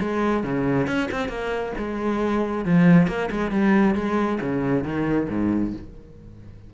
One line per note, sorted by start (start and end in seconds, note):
0.00 0.43 G#3
0.43 0.87 C#3
0.87 1.09 C#4
1.11 1.29 C4
1.29 1.73 A#3
1.78 2.65 G#3
2.65 3.07 F3
3.07 3.29 A#3
3.31 3.51 G#3
3.51 3.95 G3
3.95 4.39 G#3
4.41 4.84 C#3
4.84 5.28 D#3
5.29 5.73 G#2